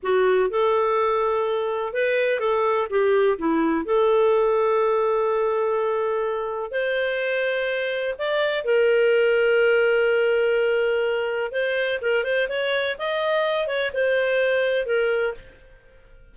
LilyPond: \new Staff \with { instrumentName = "clarinet" } { \time 4/4 \tempo 4 = 125 fis'4 a'2. | b'4 a'4 g'4 e'4 | a'1~ | a'2 c''2~ |
c''4 d''4 ais'2~ | ais'1 | c''4 ais'8 c''8 cis''4 dis''4~ | dis''8 cis''8 c''2 ais'4 | }